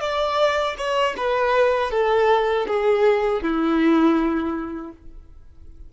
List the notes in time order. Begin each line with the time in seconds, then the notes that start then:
0.00 D5
0.77 C#5
1.17 B4
1.91 A4
2.67 G#4
3.42 E4